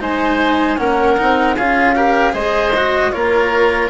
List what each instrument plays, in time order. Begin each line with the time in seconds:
0.00 bassoon G#3, cello D#4, oboe C5, flute G#5
0.78 bassoon A#3, cello C#4, oboe A#4, flute F#5
1.18 bassoon C4, cello D#4
1.56 bassoon C#4, cello F4, oboe G#4, flute F5
1.96 cello G4, oboe A#4
2.33 bassoon G#3, cello G#4, oboe C5, flute D#5
2.76 cello F#4
3.12 bassoon A#3, cello F4, oboe A#4, flute C#5